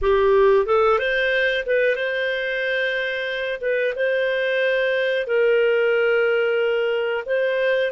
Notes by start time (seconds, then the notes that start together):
0.01 G4
0.66 A4
0.98 C5
1.66 B4
1.95 C5
3.61 B4
3.95 C5
5.26 A#4
7.25 C5